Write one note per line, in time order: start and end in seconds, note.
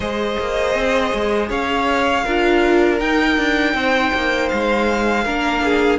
0.00 0.36 G#3
0.00 2.26 G#4
0.00 1.49 C5
0.00 1.49 D#5
0.39 0.74 A#3
0.74 1.12 C4
1.13 1.49 G#3
1.49 2.24 C#4
1.49 2.24 C#5
1.49 2.99 F5
2.24 3.00 D4
2.24 2.98 F4
2.24 3.74 A#4
2.98 5.23 D#4
2.98 3.37 D#4
2.98 4.48 G5
3.37 3.74 D4
3.74 4.11 C4
3.74 5.24 C5
4.13 4.51 A#3
4.48 5.25 G#3
4.48 5.98 F5
5.24 5.98 A#3
5.24 5.98 D4
5.24 5.62 A#4
5.64 5.98 G#4